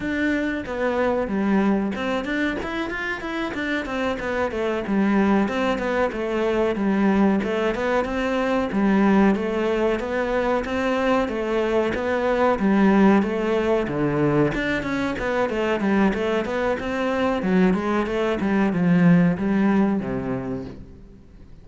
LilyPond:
\new Staff \with { instrumentName = "cello" } { \time 4/4 \tempo 4 = 93 d'4 b4 g4 c'8 d'8 | e'8 f'8 e'8 d'8 c'8 b8 a8 g8~ | g8 c'8 b8 a4 g4 a8 | b8 c'4 g4 a4 b8~ |
b8 c'4 a4 b4 g8~ | g8 a4 d4 d'8 cis'8 b8 | a8 g8 a8 b8 c'4 fis8 gis8 | a8 g8 f4 g4 c4 | }